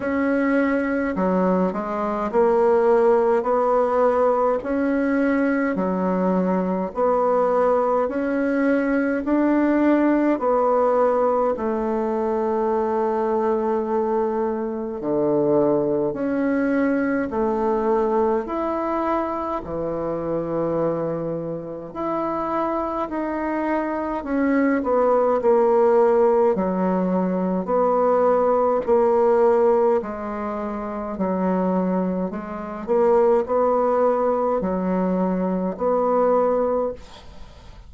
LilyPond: \new Staff \with { instrumentName = "bassoon" } { \time 4/4 \tempo 4 = 52 cis'4 fis8 gis8 ais4 b4 | cis'4 fis4 b4 cis'4 | d'4 b4 a2~ | a4 d4 cis'4 a4 |
e'4 e2 e'4 | dis'4 cis'8 b8 ais4 fis4 | b4 ais4 gis4 fis4 | gis8 ais8 b4 fis4 b4 | }